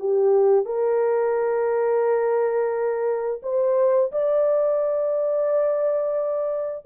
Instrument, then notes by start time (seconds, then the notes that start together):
horn
0.00 G4
0.66 A#4
3.43 C5
4.12 D5